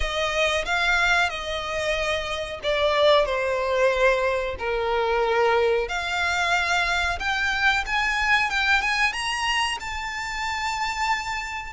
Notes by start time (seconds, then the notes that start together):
0.00 D#5
0.65 F5
1.29 D#5
2.63 D5
3.25 C5
4.59 A#4
5.88 F5
7.19 G5
7.86 G#5
8.50 G5
8.81 G#5
9.12 A#5
9.80 A5